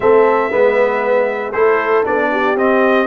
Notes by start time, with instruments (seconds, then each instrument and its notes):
0.00 tuba A3, trombone C4, horn A4, trumpet E5
0.50 tuba G#3, trombone B3, horn B4
1.51 tuba A3, trombone E4, horn A4, trumpet C5
2.04 tuba B3, trombone D4, trumpet D5
2.31 horn G4
2.55 tuba C4, trombone C4, trumpet D#5